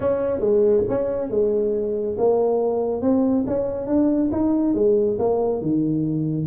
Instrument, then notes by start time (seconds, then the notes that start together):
tuba
0.00 C#4
0.40 G#3
0.88 C#4
1.29 G#3
2.18 A#3
3.01 C4
3.46 C#4
3.87 D4
4.31 D#4
4.74 G#3
5.18 A#3
5.61 D#3